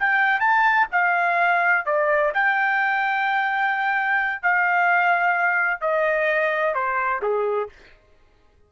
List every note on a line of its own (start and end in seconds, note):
0.00 0.40 G5
0.40 0.87 A5
0.92 1.86 F5
1.86 2.33 D5
2.35 4.43 G5
4.43 5.81 F5
5.81 6.75 D#5
6.75 7.22 C5
7.23 7.70 G#4